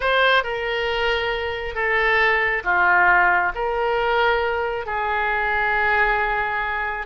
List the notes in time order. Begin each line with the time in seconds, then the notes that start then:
0.00 C5
0.43 A#4
1.74 A4
2.64 F4
3.55 A#4
4.85 G#4